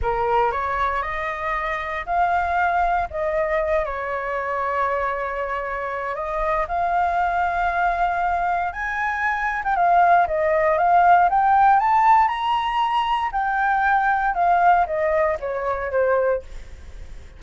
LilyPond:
\new Staff \with { instrumentName = "flute" } { \time 4/4 \tempo 4 = 117 ais'4 cis''4 dis''2 | f''2 dis''4. cis''8~ | cis''1 | dis''4 f''2.~ |
f''4 gis''4.~ gis''16 g''16 f''4 | dis''4 f''4 g''4 a''4 | ais''2 g''2 | f''4 dis''4 cis''4 c''4 | }